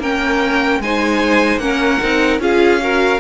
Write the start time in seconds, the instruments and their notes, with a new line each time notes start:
0.00 cello A#3, viola C#4, violin A#4 G5
0.80 cello G#3, viola D#4, violin C5 G#5
1.58 cello A#3, viola C#4, violin A#4 F#5
2.01 cello C4, viola D#4
2.39 cello C#4, viola F4, violin G#4 F5
2.82 viola F#4, violin A#4